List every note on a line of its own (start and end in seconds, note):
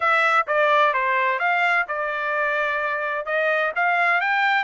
0.00 0.46 E5
0.47 0.93 D5
0.93 1.39 C5
1.39 1.85 F5
1.88 3.25 D5
3.25 3.72 D#5
3.75 4.20 F5
4.20 4.63 G5